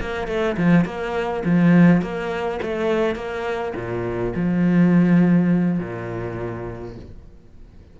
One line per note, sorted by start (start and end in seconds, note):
0.00 0.27 A#3
0.27 0.56 A3
0.57 0.84 F3
0.84 1.43 A#3
1.45 2.02 F3
2.02 2.60 A#3
2.62 3.15 A3
3.15 3.73 A#3
3.75 4.33 A#2
4.35 5.79 F3
5.79 6.95 A#2